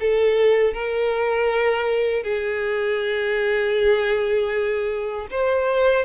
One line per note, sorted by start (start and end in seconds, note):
0.00 0.74 A4
0.74 2.23 A#4
2.23 5.27 G#4
5.31 6.05 C5